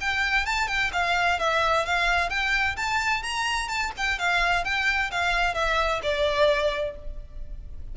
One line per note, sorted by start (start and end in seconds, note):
0.00 0.45 G5
0.45 0.67 A5
0.67 0.90 G5
0.92 1.39 F5
1.39 1.85 E5
1.85 2.29 F5
2.29 2.76 G5
2.76 3.22 A5
3.22 3.68 A#5
3.68 3.91 A5
3.97 4.18 G5
4.18 4.64 F5
4.64 5.11 G5
5.11 5.54 F5
5.54 6.01 E5
6.02 6.95 D5